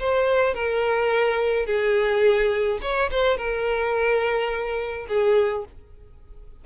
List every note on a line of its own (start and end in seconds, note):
0.00 0.55 C5
0.55 1.66 A#4
1.66 2.80 G#4
2.82 3.10 C#5
3.11 3.38 C5
3.38 5.07 A#4
5.09 5.65 G#4